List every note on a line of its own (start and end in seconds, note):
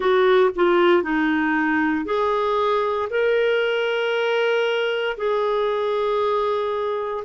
0.00 0.49 F#4
0.55 1.03 F4
1.03 2.05 D#4
2.05 3.08 G#4
3.10 5.17 A#4
5.17 7.24 G#4